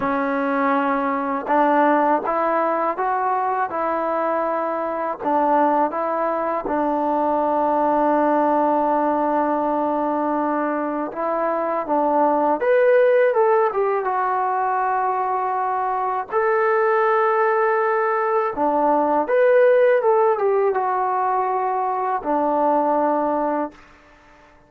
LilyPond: \new Staff \with { instrumentName = "trombone" } { \time 4/4 \tempo 4 = 81 cis'2 d'4 e'4 | fis'4 e'2 d'4 | e'4 d'2.~ | d'2. e'4 |
d'4 b'4 a'8 g'8 fis'4~ | fis'2 a'2~ | a'4 d'4 b'4 a'8 g'8 | fis'2 d'2 | }